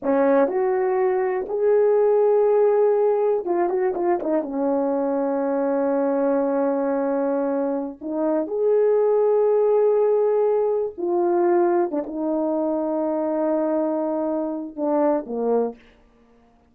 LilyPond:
\new Staff \with { instrumentName = "horn" } { \time 4/4 \tempo 4 = 122 cis'4 fis'2 gis'4~ | gis'2. f'8 fis'8 | f'8 dis'8 cis'2.~ | cis'1~ |
cis'16 dis'4 gis'2~ gis'8.~ | gis'2~ gis'16 f'4.~ f'16~ | f'16 d'16 dis'2.~ dis'8~ | dis'2 d'4 ais4 | }